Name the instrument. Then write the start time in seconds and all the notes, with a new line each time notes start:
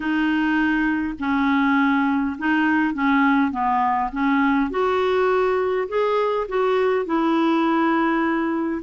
clarinet
0.00 D#4
1.19 C#4
2.38 D#4
2.94 C#4
3.51 B3
4.11 C#4
4.70 F#4
5.88 G#4
6.48 F#4
7.05 E4